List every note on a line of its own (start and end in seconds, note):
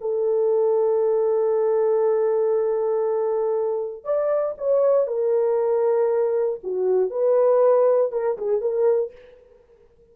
0.00 4.04 A4
4.04 4.54 D5
4.58 5.07 C#5
5.07 6.59 A#4
6.63 7.10 F#4
7.10 8.11 B4
8.11 8.37 A#4
8.37 8.60 G#4
8.60 9.11 A#4